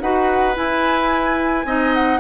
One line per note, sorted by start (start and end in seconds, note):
0.00 0.56 D#4
0.00 0.55 F#4
0.00 1.66 B4
0.00 0.55 F#5
0.55 1.65 E4
0.55 1.94 G#5
1.65 2.20 C4
1.65 2.20 D#4
1.65 2.20 D#5
1.94 2.20 F#5